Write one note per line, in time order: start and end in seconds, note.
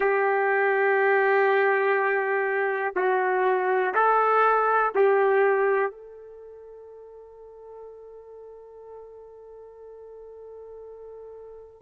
0.00 2.93 G4
2.95 3.93 F#4
3.94 4.92 A4
4.94 5.91 G4
5.91 11.81 A4